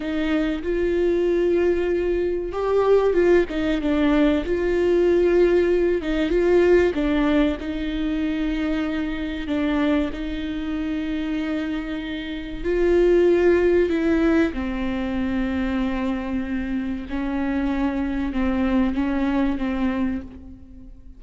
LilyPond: \new Staff \with { instrumentName = "viola" } { \time 4/4 \tempo 4 = 95 dis'4 f'2. | g'4 f'8 dis'8 d'4 f'4~ | f'4. dis'8 f'4 d'4 | dis'2. d'4 |
dis'1 | f'2 e'4 c'4~ | c'2. cis'4~ | cis'4 c'4 cis'4 c'4 | }